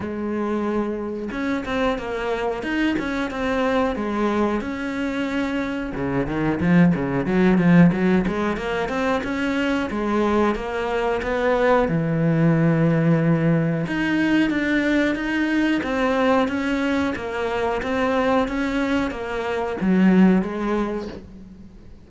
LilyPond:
\new Staff \with { instrumentName = "cello" } { \time 4/4 \tempo 4 = 91 gis2 cis'8 c'8 ais4 | dis'8 cis'8 c'4 gis4 cis'4~ | cis'4 cis8 dis8 f8 cis8 fis8 f8 | fis8 gis8 ais8 c'8 cis'4 gis4 |
ais4 b4 e2~ | e4 dis'4 d'4 dis'4 | c'4 cis'4 ais4 c'4 | cis'4 ais4 fis4 gis4 | }